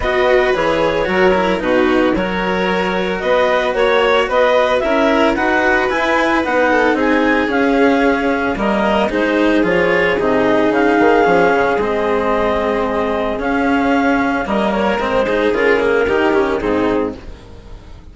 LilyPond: <<
  \new Staff \with { instrumentName = "clarinet" } { \time 4/4 \tempo 4 = 112 dis''4 cis''2 b'4 | cis''2 dis''4 cis''4 | dis''4 e''4 fis''4 gis''4 | fis''4 gis''4 f''2 |
dis''4 c''4 cis''4 dis''4 | f''2 dis''2~ | dis''4 f''2 dis''8 cis''8 | c''4 ais'2 gis'4 | }
  \new Staff \with { instrumentName = "violin" } { \time 4/4 b'2 ais'4 fis'4 | ais'2 b'4 cis''4 | b'4 ais'4 b'2~ | b'8 a'8 gis'2. |
ais'4 gis'2.~ | gis'1~ | gis'2. ais'4~ | ais'8 gis'4. g'4 dis'4 | }
  \new Staff \with { instrumentName = "cello" } { \time 4/4 fis'4 gis'4 fis'8 e'8 dis'4 | fis'1~ | fis'4 e'4 fis'4 e'4 | dis'2 cis'2 |
ais4 dis'4 f'4 dis'4~ | dis'4 cis'4 c'2~ | c'4 cis'2 ais4 | c'8 dis'8 f'8 ais8 dis'8 cis'8 c'4 | }
  \new Staff \with { instrumentName = "bassoon" } { \time 4/4 b4 e4 fis4 b,4 | fis2 b4 ais4 | b4 cis'4 dis'4 e'4 | b4 c'4 cis'2 |
g4 gis4 f4 c4 | cis8 dis8 f8 cis8 gis2~ | gis4 cis'2 g4 | gis4 cis4 dis4 gis,4 | }
>>